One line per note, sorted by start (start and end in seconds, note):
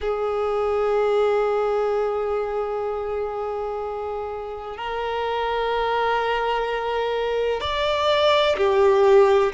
0.00 4.77 G#4
4.77 7.60 A#4
7.60 8.55 D5
8.57 9.52 G4